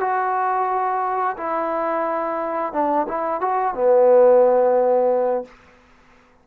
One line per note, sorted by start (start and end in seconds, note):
0.00 1.36 F#4
1.37 2.73 E4
2.73 3.07 D4
3.08 3.41 E4
3.41 3.74 F#4
3.74 5.45 B3